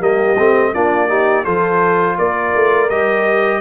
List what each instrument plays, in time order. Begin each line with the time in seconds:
0.00 tuba G3, trombone A#3, horn G4, trumpet D#5
0.38 tuba A3, trombone C4
0.74 tuba A#3, trombone D4, horn F4, trumpet D5
1.08 trombone D#4, horn G4
1.44 tuba F3, trombone F4, horn A4, trumpet C5
2.18 tuba A#3, horn A#4, trumpet D5
2.55 tuba A3
2.89 tuba G3, trombone G4, trumpet D#5